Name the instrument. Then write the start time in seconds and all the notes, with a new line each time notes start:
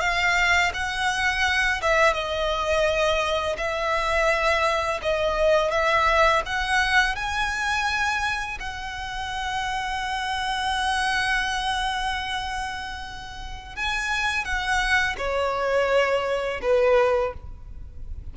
violin
0.00 F5
0.73 F#5
1.81 E5
2.13 D#5
3.57 E5
5.02 D#5
5.70 E5
6.45 F#5
7.15 G#5
8.59 F#5
13.76 G#5
14.44 F#5
15.17 C#5
16.62 B4